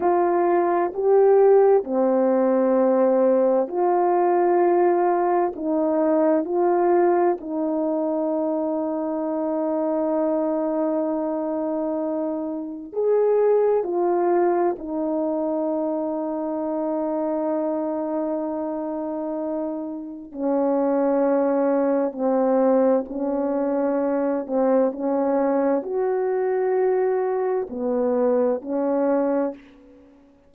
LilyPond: \new Staff \with { instrumentName = "horn" } { \time 4/4 \tempo 4 = 65 f'4 g'4 c'2 | f'2 dis'4 f'4 | dis'1~ | dis'2 gis'4 f'4 |
dis'1~ | dis'2 cis'2 | c'4 cis'4. c'8 cis'4 | fis'2 b4 cis'4 | }